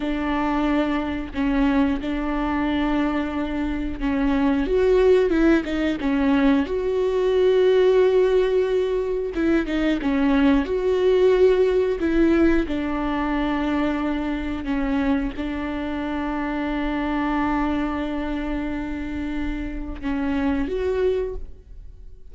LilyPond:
\new Staff \with { instrumentName = "viola" } { \time 4/4 \tempo 4 = 90 d'2 cis'4 d'4~ | d'2 cis'4 fis'4 | e'8 dis'8 cis'4 fis'2~ | fis'2 e'8 dis'8 cis'4 |
fis'2 e'4 d'4~ | d'2 cis'4 d'4~ | d'1~ | d'2 cis'4 fis'4 | }